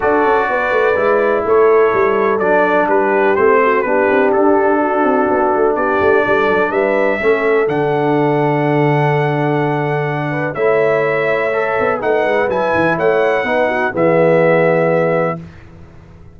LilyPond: <<
  \new Staff \with { instrumentName = "trumpet" } { \time 4/4 \tempo 4 = 125 d''2. cis''4~ | cis''4 d''4 b'4 c''4 | b'4 a'2. | d''2 e''2 |
fis''1~ | fis''2 e''2~ | e''4 fis''4 gis''4 fis''4~ | fis''4 e''2. | }
  \new Staff \with { instrumentName = "horn" } { \time 4/4 a'4 b'2 a'4~ | a'2 g'4. fis'8 | g'2 fis'2 | g'4 a'4 b'4 a'4~ |
a'1~ | a'4. b'8 cis''2~ | cis''4 b'2 cis''4 | b'8 fis'8 gis'2. | }
  \new Staff \with { instrumentName = "trombone" } { \time 4/4 fis'2 e'2~ | e'4 d'2 c'4 | d'1~ | d'2. cis'4 |
d'1~ | d'2 e'2 | a'4 dis'4 e'2 | dis'4 b2. | }
  \new Staff \with { instrumentName = "tuba" } { \time 4/4 d'8 cis'8 b8 a8 gis4 a4 | g4 fis4 g4 a4 | b8 c'8 d'4. c'8 b8 a8 | b8 a8 g8 fis8 g4 a4 |
d1~ | d2 a2~ | a8 b8 a8 gis8 fis8 e8 a4 | b4 e2. | }
>>